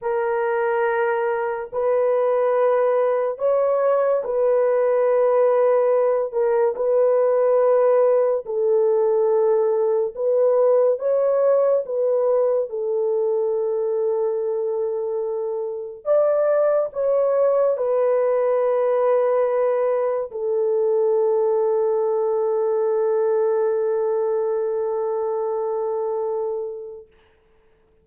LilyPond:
\new Staff \with { instrumentName = "horn" } { \time 4/4 \tempo 4 = 71 ais'2 b'2 | cis''4 b'2~ b'8 ais'8 | b'2 a'2 | b'4 cis''4 b'4 a'4~ |
a'2. d''4 | cis''4 b'2. | a'1~ | a'1 | }